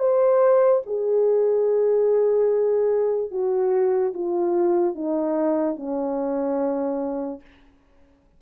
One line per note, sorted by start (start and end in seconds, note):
0.00 0.82 C5
0.87 3.31 G#4
3.31 4.14 F#4
4.14 4.95 F4
4.95 5.76 D#4
5.76 7.41 C#4